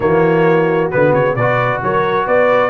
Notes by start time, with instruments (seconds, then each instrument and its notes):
0.00 tuba E3, trombone A#3, horn F#4, trumpet C#5
0.90 tuba D3, trombone B3, trumpet B4
1.12 tuba C#3, trumpet C#5
1.35 tuba B2, trombone F#4, horn B4, trumpet D5
1.82 tuba F#3, horn A#4, trumpet C#5
2.25 tuba B3, horn B4, trumpet D5